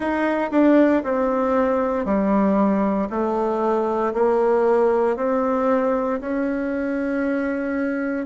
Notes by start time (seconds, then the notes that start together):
0.00 D#4
0.51 D4
1.03 C4
2.05 G3
3.09 A3
4.13 A#3
5.16 C4
6.20 C#4